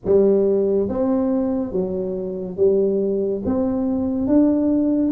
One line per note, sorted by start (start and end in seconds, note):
0.05 0.88 G3
0.88 1.71 C4
1.71 2.56 F#3
2.56 3.42 G3
3.45 4.27 C4
4.27 5.12 D4